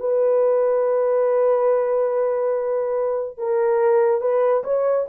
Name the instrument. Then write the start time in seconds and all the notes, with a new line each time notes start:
horn
0.00 B4
3.38 A#4
4.21 B4
4.64 C#5